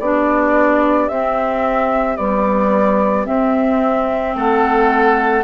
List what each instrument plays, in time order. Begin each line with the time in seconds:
0.00 bassoon B3, clarinet D4, oboe G4, flute D5
1.09 bassoon C4, clarinet C4, flute E5
2.17 clarinet G3, bassoon B3, flute D5
3.25 clarinet C4, bassoon C4, flute E5
4.36 bassoon A3, oboe A4, flute F#5